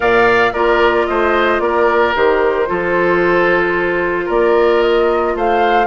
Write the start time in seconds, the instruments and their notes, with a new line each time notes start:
0.00 bassoon A#2, clarinet A#4, oboe D5, flute F5
0.52 bassoon A#3, clarinet F4, oboe A#4, flute D5
1.06 bassoon A3, oboe C5, flute D#5
1.59 bassoon A#3, oboe A#4, flute D5
2.15 bassoon D#3, clarinet G4, flute C5
2.67 bassoon F3, clarinet F4, oboe A4
4.25 bassoon A#3, oboe A#4, flute D5
4.82 flute D#5
5.35 bassoon A3, oboe C5, flute F5